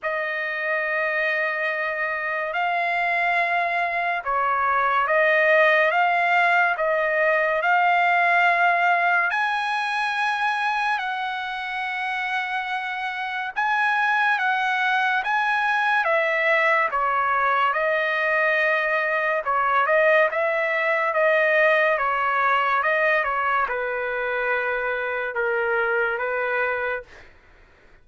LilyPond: \new Staff \with { instrumentName = "trumpet" } { \time 4/4 \tempo 4 = 71 dis''2. f''4~ | f''4 cis''4 dis''4 f''4 | dis''4 f''2 gis''4~ | gis''4 fis''2. |
gis''4 fis''4 gis''4 e''4 | cis''4 dis''2 cis''8 dis''8 | e''4 dis''4 cis''4 dis''8 cis''8 | b'2 ais'4 b'4 | }